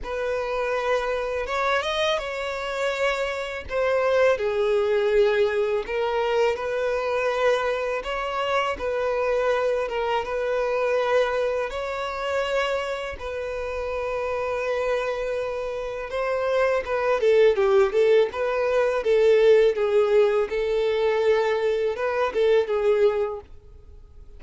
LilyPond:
\new Staff \with { instrumentName = "violin" } { \time 4/4 \tempo 4 = 82 b'2 cis''8 dis''8 cis''4~ | cis''4 c''4 gis'2 | ais'4 b'2 cis''4 | b'4. ais'8 b'2 |
cis''2 b'2~ | b'2 c''4 b'8 a'8 | g'8 a'8 b'4 a'4 gis'4 | a'2 b'8 a'8 gis'4 | }